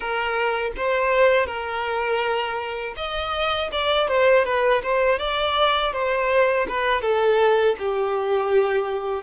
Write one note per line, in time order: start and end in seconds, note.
0.00 0.71 A#4
0.76 1.46 C5
1.46 2.94 A#4
2.96 3.70 D#5
3.71 4.08 D5
4.08 4.44 C5
4.44 4.81 B4
4.82 5.19 C5
5.19 5.93 D5
5.93 6.67 C5
6.68 7.01 B4
7.01 7.75 A4
7.78 9.23 G4